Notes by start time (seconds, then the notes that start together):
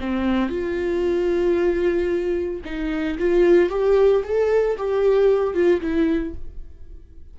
0.00 C4
0.49 F4
2.65 D#4
3.18 F4
3.70 G4
4.24 A4
4.77 G4
5.54 F4
5.81 E4